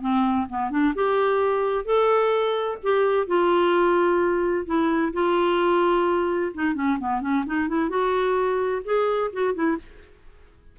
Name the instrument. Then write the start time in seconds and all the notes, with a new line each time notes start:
clarinet
0.00 C4
0.49 B3
0.70 D4
0.95 G4
1.85 A4
2.83 G4
3.27 F4
4.66 E4
5.12 F4
6.54 D#4
6.74 C#4
6.99 B3
7.21 C#4
7.46 D#4
7.68 E4
7.89 F#4
8.84 G#4
9.32 F#4
9.54 E4